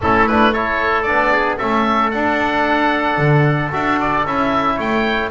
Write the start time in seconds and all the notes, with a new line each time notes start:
0.01 A3 C#4 E4 A4
0.27 D4 B4
0.52 E4 A4 C#5
1.02 B3 D4 D5
1.32 G#4
1.57 A3 C#4 A4 E5
2.11 D4 F#5
3.17 D3
3.71 D4 F#4 E5
4.00 D5
4.25 C#4 E4 E5
4.75 A3 C#5 G5